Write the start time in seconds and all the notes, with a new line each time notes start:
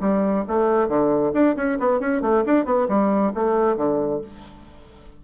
0.00 G3
0.47 A3
0.88 D3
1.33 D4
1.56 C#4
1.79 B3
2.00 C#4
2.21 A3
2.46 D4
2.65 B3
2.88 G3
3.34 A3
3.76 D3